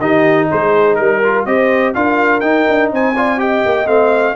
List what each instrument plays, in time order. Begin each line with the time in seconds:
0.00 tuba D#3, trombone D#4, horn G4, trumpet D#5
0.51 tuba G#3, horn G#4, trumpet C5
0.96 tuba G3, trumpet A#4, horn A#4
1.23 trombone F4
1.46 tuba C4, trombone G4, horn C5, trumpet D#5
1.94 tuba D4, trombone F4, horn A#4, trumpet F5
2.41 tuba D#4, trombone D#4, trumpet G5
2.68 tuba D4
2.92 tuba C4, horn C5, trumpet G#5
3.15 trombone F4, horn D5
3.38 trombone G4, horn D#5, trumpet G5
3.66 tuba A#3
3.87 tuba A3, trombone C4, trumpet F5